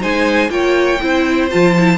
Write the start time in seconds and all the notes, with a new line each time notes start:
0.00 G#3 D#4 C5 G#5
0.49 A#3 F4 C#5 G5
1.01 C4 E4 C5
1.50 F3 F4 A5
1.78 E4